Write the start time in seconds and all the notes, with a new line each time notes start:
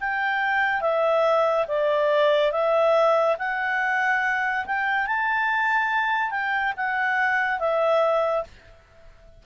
0.00 G5
0.81 E5
1.68 D5
2.52 E5
3.38 F#5
4.66 G5
5.06 A5
6.30 G5
6.77 F#5
7.59 E5